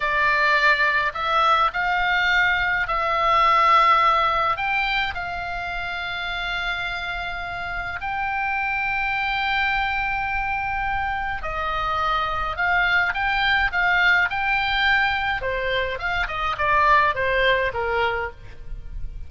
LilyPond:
\new Staff \with { instrumentName = "oboe" } { \time 4/4 \tempo 4 = 105 d''2 e''4 f''4~ | f''4 e''2. | g''4 f''2.~ | f''2 g''2~ |
g''1 | dis''2 f''4 g''4 | f''4 g''2 c''4 | f''8 dis''8 d''4 c''4 ais'4 | }